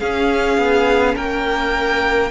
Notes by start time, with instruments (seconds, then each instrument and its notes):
0.00 cello C#4, viola C#4, violin G#4 F5
0.58 cello B3
1.15 cello A#3, violin A#4 G5